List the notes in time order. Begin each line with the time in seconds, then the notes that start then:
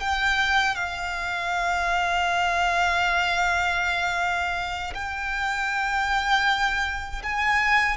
0.00 G5
0.76 F5
4.94 G5
7.23 G#5